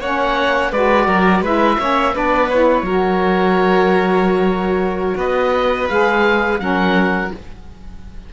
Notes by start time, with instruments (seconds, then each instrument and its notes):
0.00 cello A#3, saxophone C#4, violin C#5, oboe F#5
0.71 cello G#3, saxophone F#4, violin B4, oboe D5
1.07 cello F#3, violin A#4
1.41 cello G#3, saxophone E4, violin B4, oboe E5
1.79 cello A#3, saxophone C#4, violin C#5
2.14 cello B3, saxophone D4, violin B4, oboe D5
2.49 saxophone E4, oboe C#5
2.82 cello F#3, saxophone F#4, violin A#4
5.16 cello B3, violin B4, oboe D#5
5.89 cello G#3, saxophone G#4, oboe F5
6.58 cello F#3, saxophone C#4, violin A#4, oboe F#5